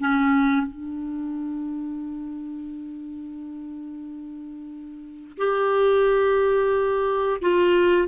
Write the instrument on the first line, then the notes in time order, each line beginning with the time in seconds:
clarinet
0.00 C#4
0.67 D4
5.38 G4
7.42 F4